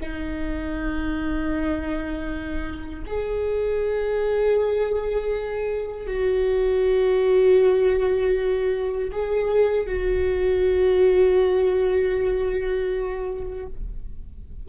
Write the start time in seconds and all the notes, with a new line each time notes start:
0.00 D#4
3.06 G#4
6.07 F#4
9.12 G#4
9.87 F#4